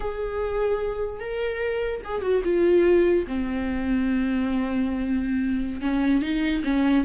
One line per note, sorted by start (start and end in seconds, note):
0.00 1.19 G#4
1.19 2.01 A#4
2.04 2.21 G#4
2.21 2.42 F#4
2.44 3.25 F4
3.27 5.81 C4
5.81 6.22 C#4
6.22 6.62 D#4
6.63 7.04 C#4